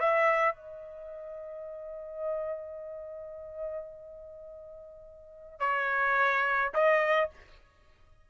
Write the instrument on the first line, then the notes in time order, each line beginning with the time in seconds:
trumpet
0.00 E5
0.55 D#5
5.60 C#5
6.74 D#5